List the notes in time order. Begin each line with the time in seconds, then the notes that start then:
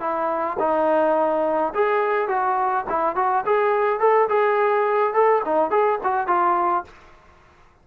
0.00 E4
0.59 D#4
1.75 G#4
2.28 F#4
2.89 E4
3.16 F#4
3.46 G#4
4.00 A4
4.29 G#4
5.14 A4
5.45 D#4
5.70 G#4
6.04 F#4
6.27 F4